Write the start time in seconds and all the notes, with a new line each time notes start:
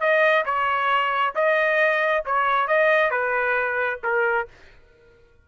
0.00 D#5
0.45 C#5
1.35 D#5
2.25 C#5
2.67 D#5
3.11 B4
4.03 A#4